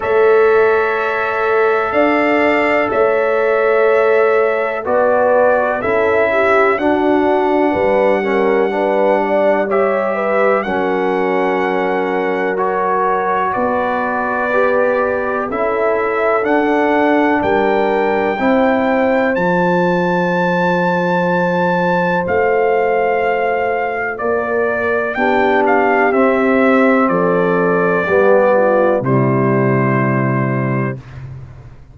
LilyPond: <<
  \new Staff \with { instrumentName = "trumpet" } { \time 4/4 \tempo 4 = 62 e''2 f''4 e''4~ | e''4 d''4 e''4 fis''4~ | fis''2 e''4 fis''4~ | fis''4 cis''4 d''2 |
e''4 fis''4 g''2 | a''2. f''4~ | f''4 d''4 g''8 f''8 e''4 | d''2 c''2 | }
  \new Staff \with { instrumentName = "horn" } { \time 4/4 cis''2 d''4 cis''4~ | cis''4 b'4 a'8 g'8 fis'4 | b'8 ais'8 b'8 d''8 cis''8 b'8 ais'4~ | ais'2 b'2 |
a'2 ais'4 c''4~ | c''1~ | c''4 ais'4 g'2 | a'4 g'8 f'8 e'2 | }
  \new Staff \with { instrumentName = "trombone" } { \time 4/4 a'1~ | a'4 fis'4 e'4 d'4~ | d'8 cis'8 d'4 g'4 cis'4~ | cis'4 fis'2 g'4 |
e'4 d'2 e'4 | f'1~ | f'2 d'4 c'4~ | c'4 b4 g2 | }
  \new Staff \with { instrumentName = "tuba" } { \time 4/4 a2 d'4 a4~ | a4 b4 cis'4 d'4 | g2. fis4~ | fis2 b2 |
cis'4 d'4 g4 c'4 | f2. a4~ | a4 ais4 b4 c'4 | f4 g4 c2 | }
>>